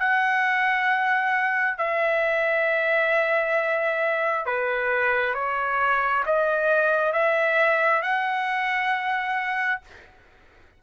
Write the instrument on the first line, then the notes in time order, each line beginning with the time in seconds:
trumpet
0.00 F#5
1.78 E5
4.46 B4
5.34 C#5
6.26 D#5
7.13 E5
8.02 F#5